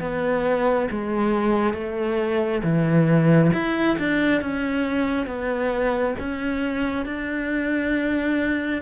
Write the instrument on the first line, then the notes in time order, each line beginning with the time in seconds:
cello
0.00 B3
0.91 G#3
1.73 A3
2.63 E3
3.53 E4
3.98 D4
4.41 C#4
5.26 B3
6.19 C#4
7.05 D4